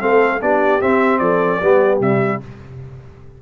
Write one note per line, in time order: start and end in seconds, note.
0.00 0.41 A3
0.00 0.40 C4
0.00 0.41 A4
0.00 0.41 F5
0.41 0.81 B3
0.41 0.81 D4
0.41 1.21 G4
0.41 0.81 D5
0.81 1.61 C4
0.81 1.20 C4
0.81 1.19 E5
1.19 1.60 F3
1.19 1.61 A4
1.19 1.99 D5
1.61 2.00 G3
1.61 2.00 B3
1.61 2.41 G4
2.00 2.40 C3
2.00 2.40 G3
2.00 2.42 E5